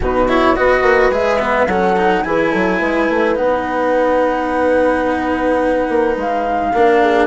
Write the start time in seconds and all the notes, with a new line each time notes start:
0.00 B2 D#4 F#4 B4
0.28 E4 C#5
0.55 B3 F#4 B4 D#5
0.82 A#3
1.10 G#3 G#4 E5
1.39 B3
1.66 F#3 C#4 A4 F#5
1.96 D#4
2.22 E3 E4 G#4 G#5
2.50 F#3 A4
2.79 G#3 B4
3.09 A3
3.35 B3 D#4 F#5
5.89 A#3
6.16 G#3 F5
6.73 A#3 D4 A#4
7.02 G#4